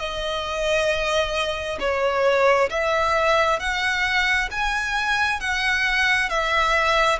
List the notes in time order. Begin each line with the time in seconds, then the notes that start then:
0.00 D#5
1.80 C#5
2.70 E5
3.60 F#5
4.51 G#5
5.41 F#5
6.30 E5